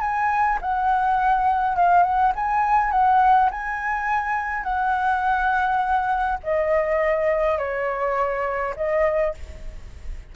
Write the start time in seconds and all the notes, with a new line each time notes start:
0.00 G#5
0.61 F#5
1.76 F5
2.03 F#5
2.35 G#5
2.91 F#5
3.51 G#5
4.63 F#5
6.43 D#5
7.58 C#5
8.76 D#5